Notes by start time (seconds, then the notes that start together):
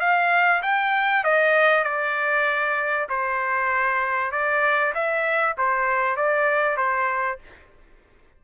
0.00 F5
0.62 G5
1.24 D#5
1.84 D5
3.09 C5
4.31 D5
4.94 E5
5.58 C5
6.16 D5
6.77 C5